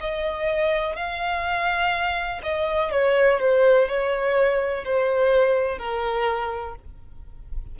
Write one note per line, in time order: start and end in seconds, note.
0.00 0.95 D#5
0.95 2.41 F5
2.42 2.91 D#5
2.91 3.39 C#5
3.40 3.88 C5
3.88 4.84 C#5
4.84 5.78 C5
5.78 6.75 A#4